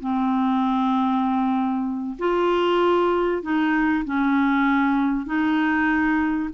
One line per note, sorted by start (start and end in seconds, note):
0.00 2.16 C4
2.18 3.42 F4
3.42 4.04 D#4
4.05 5.26 C#4
5.26 6.49 D#4